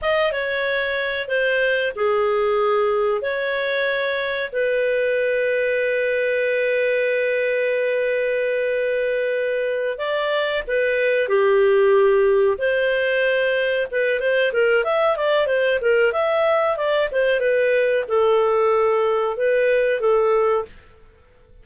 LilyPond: \new Staff \with { instrumentName = "clarinet" } { \time 4/4 \tempo 4 = 93 dis''8 cis''4. c''4 gis'4~ | gis'4 cis''2 b'4~ | b'1~ | b'2.~ b'8 d''8~ |
d''8 b'4 g'2 c''8~ | c''4. b'8 c''8 ais'8 e''8 d''8 | c''8 ais'8 e''4 d''8 c''8 b'4 | a'2 b'4 a'4 | }